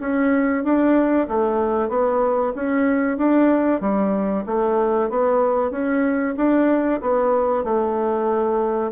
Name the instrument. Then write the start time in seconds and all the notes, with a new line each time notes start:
bassoon
0.00 C#4
0.64 D4
1.28 A3
1.89 B3
2.55 C#4
3.17 D4
3.81 G3
4.46 A3
5.09 B3
5.71 C#4
6.37 D4
7.01 B3
7.64 A3